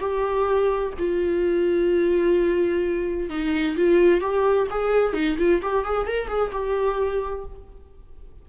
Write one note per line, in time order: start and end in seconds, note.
0.00 0.93 G4
0.99 3.30 F4
3.30 3.77 D#4
3.77 4.21 F4
4.21 4.68 G4
4.71 5.14 G#4
5.14 5.37 D#4
5.39 5.62 F4
5.62 5.85 G4
5.85 6.08 G#4
6.08 6.29 A#4
6.29 6.52 G#4
6.53 7.46 G4